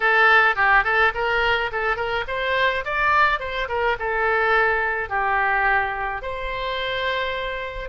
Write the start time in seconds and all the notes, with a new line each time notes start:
0.00 A4
0.55 G4
0.84 A4
1.14 A#4
1.72 A4
1.96 A#4
2.27 C5
2.85 D5
3.39 C5
3.68 A#4
3.99 A4
5.09 G4
6.22 C5